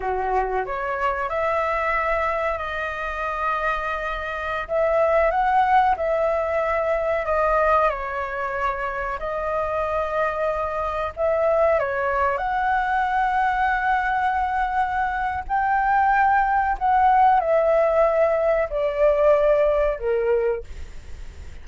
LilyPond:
\new Staff \with { instrumentName = "flute" } { \time 4/4 \tempo 4 = 93 fis'4 cis''4 e''2 | dis''2.~ dis''16 e''8.~ | e''16 fis''4 e''2 dis''8.~ | dis''16 cis''2 dis''4.~ dis''16~ |
dis''4~ dis''16 e''4 cis''4 fis''8.~ | fis''1 | g''2 fis''4 e''4~ | e''4 d''2 ais'4 | }